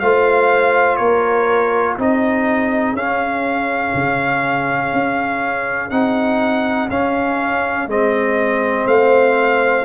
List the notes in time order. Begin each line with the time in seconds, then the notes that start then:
0.00 A3 F4 C5 F5
0.97 A#3 A#4 C#5
1.97 C4 D#4 G#4 D#5
2.94 C#4 F5
3.94 C#3
4.93 C#4
5.91 C4 D#4 F#5
6.90 C#4 F5
7.87 G#3 C4 D#5
8.86 A3 C5 F5